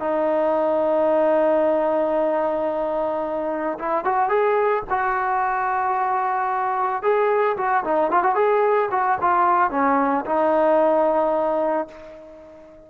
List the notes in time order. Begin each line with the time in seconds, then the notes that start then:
0.00 D#4
3.79 E4
4.05 F#4
4.29 G#4
4.90 F#4
7.03 G#4
7.57 F#4
7.85 D#4
8.11 F4
8.23 F#4
8.35 G#4
8.91 F#4
9.21 F4
9.71 C#4
10.26 D#4